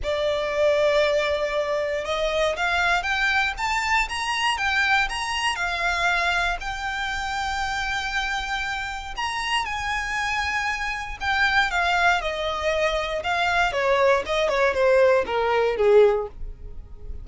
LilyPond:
\new Staff \with { instrumentName = "violin" } { \time 4/4 \tempo 4 = 118 d''1 | dis''4 f''4 g''4 a''4 | ais''4 g''4 ais''4 f''4~ | f''4 g''2.~ |
g''2 ais''4 gis''4~ | gis''2 g''4 f''4 | dis''2 f''4 cis''4 | dis''8 cis''8 c''4 ais'4 gis'4 | }